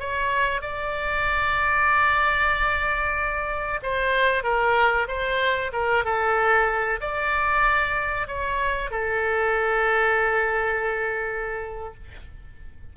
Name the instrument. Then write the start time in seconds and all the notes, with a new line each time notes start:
oboe
0.00 C#5
0.62 D5
3.83 C5
4.44 A#4
5.08 C5
5.73 A#4
6.05 A4
7.01 D5
8.28 C#5
8.91 A4